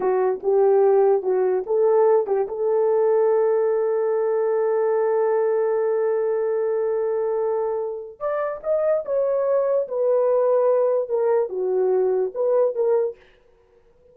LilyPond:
\new Staff \with { instrumentName = "horn" } { \time 4/4 \tempo 4 = 146 fis'4 g'2 fis'4 | a'4. g'8 a'2~ | a'1~ | a'1~ |
a'1 | d''4 dis''4 cis''2 | b'2. ais'4 | fis'2 b'4 ais'4 | }